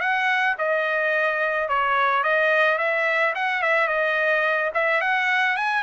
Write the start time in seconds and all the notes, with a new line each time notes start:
0.00 F#5
0.58 D#5
1.68 C#5
2.23 D#5
2.78 E5
3.34 F#5
3.62 E5
3.87 D#5
4.74 E5
5.01 F#5
5.56 G#5